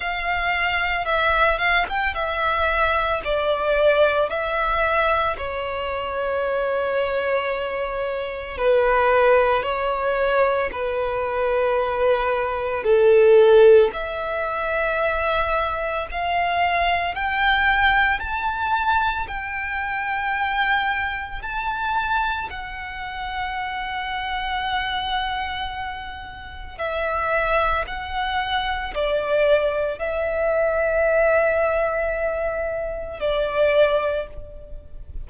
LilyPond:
\new Staff \with { instrumentName = "violin" } { \time 4/4 \tempo 4 = 56 f''4 e''8 f''16 g''16 e''4 d''4 | e''4 cis''2. | b'4 cis''4 b'2 | a'4 e''2 f''4 |
g''4 a''4 g''2 | a''4 fis''2.~ | fis''4 e''4 fis''4 d''4 | e''2. d''4 | }